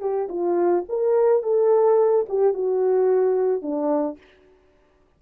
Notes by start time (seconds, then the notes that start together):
0.00 G4
0.29 F4
0.89 A#4
1.43 A4
2.29 G4
2.54 F#4
3.62 D4